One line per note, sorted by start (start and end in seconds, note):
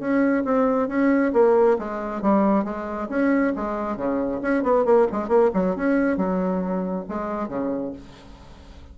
0.00 0.44 C#4
0.45 0.89 C4
0.89 1.33 C#4
1.34 1.78 A#3
1.79 2.22 G#3
2.22 2.64 G3
2.64 3.08 G#3
3.09 3.53 C#4
3.56 3.97 G#3
3.97 4.41 C#3
4.42 4.63 C#4
4.63 4.85 B3
4.85 5.07 A#3
5.12 5.29 G#3
5.29 5.51 A#3
5.54 5.76 F#3
5.76 6.17 C#4
6.17 7.05 F#3
7.09 7.49 G#3
7.49 7.93 C#3